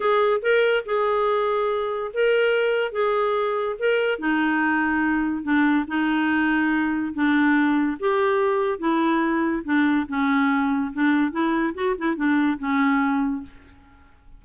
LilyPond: \new Staff \with { instrumentName = "clarinet" } { \time 4/4 \tempo 4 = 143 gis'4 ais'4 gis'2~ | gis'4 ais'2 gis'4~ | gis'4 ais'4 dis'2~ | dis'4 d'4 dis'2~ |
dis'4 d'2 g'4~ | g'4 e'2 d'4 | cis'2 d'4 e'4 | fis'8 e'8 d'4 cis'2 | }